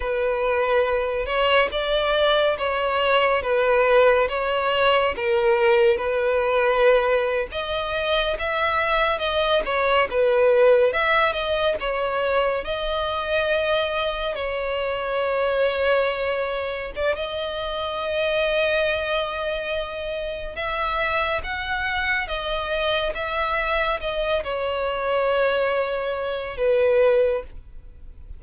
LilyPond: \new Staff \with { instrumentName = "violin" } { \time 4/4 \tempo 4 = 70 b'4. cis''8 d''4 cis''4 | b'4 cis''4 ais'4 b'4~ | b'8. dis''4 e''4 dis''8 cis''8 b'16~ | b'8. e''8 dis''8 cis''4 dis''4~ dis''16~ |
dis''8. cis''2. d''16 | dis''1 | e''4 fis''4 dis''4 e''4 | dis''8 cis''2~ cis''8 b'4 | }